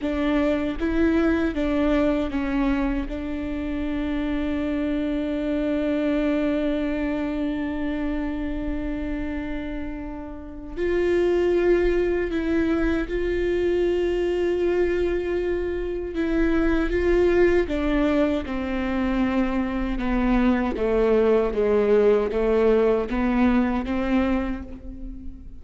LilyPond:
\new Staff \with { instrumentName = "viola" } { \time 4/4 \tempo 4 = 78 d'4 e'4 d'4 cis'4 | d'1~ | d'1~ | d'2 f'2 |
e'4 f'2.~ | f'4 e'4 f'4 d'4 | c'2 b4 a4 | gis4 a4 b4 c'4 | }